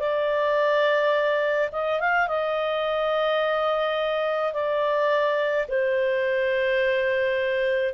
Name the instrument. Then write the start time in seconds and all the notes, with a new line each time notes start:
clarinet
0.00 D5
1.72 D#5
2.00 F5
2.28 D#5
4.53 D5
5.68 C5